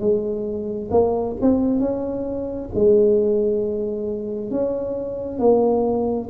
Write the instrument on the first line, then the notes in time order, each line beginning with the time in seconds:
tuba
0.00 G#3
0.91 A#3
1.41 C4
1.80 C#4
2.74 G#3
4.51 C#4
5.39 A#3